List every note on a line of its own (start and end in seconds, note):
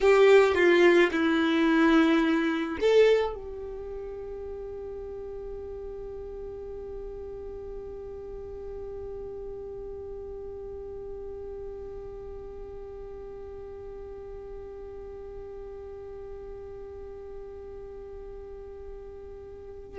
0.01 0.55 G4
0.55 1.10 F4
1.11 2.78 E4
2.80 3.34 A4
3.34 19.98 G4